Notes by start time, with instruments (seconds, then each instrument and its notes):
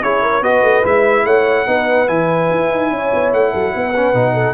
0.00 tuba C#4, trombone E4, horn G#4, trumpet C#5
0.21 horn A#4
0.41 tuba B3, trombone F#4, horn B4, trumpet D#5
0.62 tuba A3
0.83 tuba G#3, trombone E4, trumpet E5
1.24 tuba A3, horn C#5, trumpet F#5
1.66 tuba B3, trombone D#4, horn B4
2.07 tuba E3, trombone E4, trumpet G#5
2.50 tuba E4
2.70 tuba D#4
2.90 tuba C#4, horn C#5
3.14 tuba B3
3.33 tuba A3, trumpet F#5
3.50 tuba F#3, horn A4
3.74 tuba B3, horn B4
3.96 trombone C#4
4.13 tuba B2, trombone D#4
4.33 horn A4